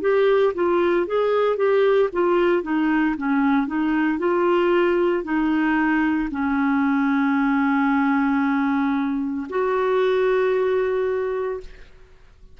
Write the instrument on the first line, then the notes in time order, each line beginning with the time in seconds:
clarinet
0.00 G4
0.54 F4
1.06 G#4
1.56 G4
2.12 F4
2.62 D#4
3.17 C#4
3.67 D#4
4.18 F4
5.23 D#4
6.31 C#4
9.49 F#4